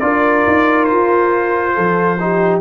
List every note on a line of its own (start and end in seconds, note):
0.00 0.45 D4
0.00 2.18 F4
0.00 1.74 A#4
0.00 0.84 D5
0.47 0.91 D#4
0.84 2.58 C5
0.91 1.78 F4
1.74 2.61 F3
1.74 2.18 A4
2.20 2.61 D#4
2.20 2.61 G4